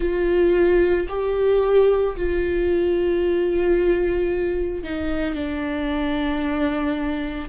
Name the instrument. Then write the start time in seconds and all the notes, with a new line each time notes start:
viola
0.00 F4
1.08 G4
2.16 F4
4.83 D#4
5.34 D4